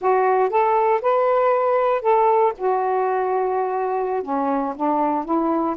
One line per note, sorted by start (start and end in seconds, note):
0.01 0.49 F#4
0.49 1.00 A4
1.01 2.01 B4
2.01 2.52 A4
2.57 4.23 F#4
4.23 4.74 C#4
4.76 5.24 D4
5.24 5.76 E4